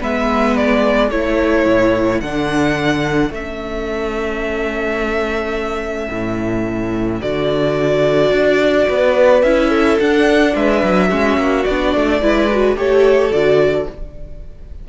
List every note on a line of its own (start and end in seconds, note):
0.00 1.11 G#3
0.00 1.11 B3
0.00 1.10 B4
0.00 0.57 E5
0.57 1.11 D5
1.10 1.66 A3
1.10 2.23 E4
1.10 8.88 A4
1.10 2.21 C#5
1.66 2.22 A2
2.21 3.31 D3
2.21 3.34 D4
2.21 3.32 F#5
3.31 6.09 A3
3.31 7.22 C#4
3.31 7.22 E5
6.10 7.21 A2
7.22 8.32 D3
7.22 9.44 F#4
7.22 9.43 D5
8.32 8.88 D4
8.89 9.43 B3
8.89 9.70 B4
9.43 9.99 C#4
9.43 10.01 E4
9.43 9.98 E5
9.70 10.53 A4
10.00 11.10 D4
10.00 10.55 D4
10.00 10.56 F#5
10.55 10.83 G#3
10.55 11.09 B4
10.55 11.65 E5
10.84 11.11 F#3
11.09 11.37 G#3
11.09 11.66 C#4
11.09 12.20 F#4
11.37 11.65 A#3
11.65 11.95 B3
11.65 12.22 D4
11.65 12.76 D5
11.96 12.22 A3
12.22 12.76 G#3
12.22 12.50 E4
12.22 12.77 B4
12.51 12.77 F#4
12.76 13.31 A3
12.76 13.31 G4
12.76 13.89 A4
12.76 13.33 C#5
13.31 13.87 D3
13.31 13.87 F#4
13.31 13.88 D5